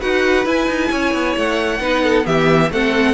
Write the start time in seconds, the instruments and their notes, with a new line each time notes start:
0.00 cello D#4, viola F#4, violin B4 F#5
0.44 viola E4, cello E4, violin G#5
0.67 cello D#4
0.91 cello C#4, violin C#5
1.13 cello B3
1.36 cello A3, violin F#5
1.79 cello B3, viola D#4, violin B4
2.03 violin A4
2.23 cello E3, viola B3, violin G4 E5
2.70 cello A3, viola C4, violin A4 F#5